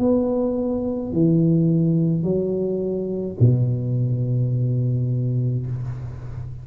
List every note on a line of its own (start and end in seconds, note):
0.00 1.13 B3
1.13 2.24 E3
2.24 3.37 F#3
3.40 5.67 B2